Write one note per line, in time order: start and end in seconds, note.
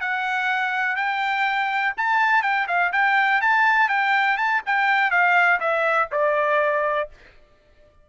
0.00 0.96 F#5
0.96 1.93 G5
1.97 2.42 A5
2.42 2.66 G5
2.67 2.92 F5
2.92 3.41 G5
3.41 3.88 A5
3.88 4.37 G5
4.37 4.61 A5
4.66 5.11 G5
5.11 5.59 F5
5.60 6.09 E5
6.11 7.09 D5